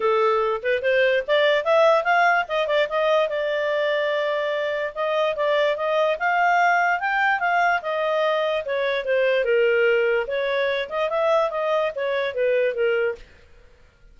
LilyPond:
\new Staff \with { instrumentName = "clarinet" } { \time 4/4 \tempo 4 = 146 a'4. b'8 c''4 d''4 | e''4 f''4 dis''8 d''8 dis''4 | d''1 | dis''4 d''4 dis''4 f''4~ |
f''4 g''4 f''4 dis''4~ | dis''4 cis''4 c''4 ais'4~ | ais'4 cis''4. dis''8 e''4 | dis''4 cis''4 b'4 ais'4 | }